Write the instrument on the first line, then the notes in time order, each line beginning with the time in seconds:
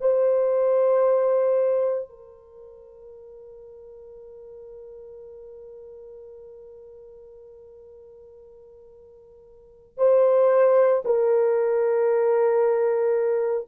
horn
0.00 C5
2.09 A#4
9.97 C5
11.04 A#4